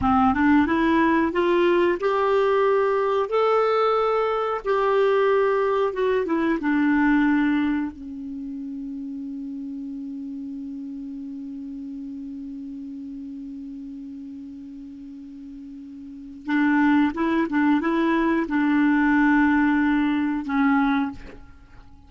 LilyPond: \new Staff \with { instrumentName = "clarinet" } { \time 4/4 \tempo 4 = 91 c'8 d'8 e'4 f'4 g'4~ | g'4 a'2 g'4~ | g'4 fis'8 e'8 d'2 | cis'1~ |
cis'1~ | cis'1~ | cis'4 d'4 e'8 d'8 e'4 | d'2. cis'4 | }